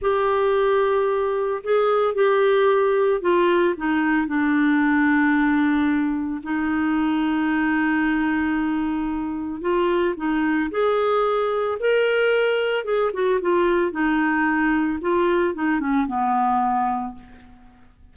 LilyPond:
\new Staff \with { instrumentName = "clarinet" } { \time 4/4 \tempo 4 = 112 g'2. gis'4 | g'2 f'4 dis'4 | d'1 | dis'1~ |
dis'2 f'4 dis'4 | gis'2 ais'2 | gis'8 fis'8 f'4 dis'2 | f'4 dis'8 cis'8 b2 | }